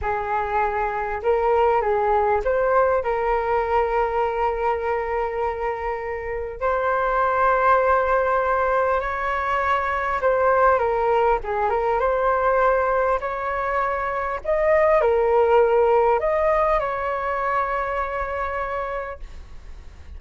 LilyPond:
\new Staff \with { instrumentName = "flute" } { \time 4/4 \tempo 4 = 100 gis'2 ais'4 gis'4 | c''4 ais'2.~ | ais'2. c''4~ | c''2. cis''4~ |
cis''4 c''4 ais'4 gis'8 ais'8 | c''2 cis''2 | dis''4 ais'2 dis''4 | cis''1 | }